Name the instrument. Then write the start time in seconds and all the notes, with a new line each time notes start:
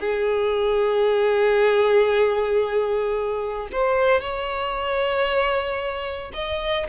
violin
0.00 G#4
3.72 C5
4.21 C#5
6.34 D#5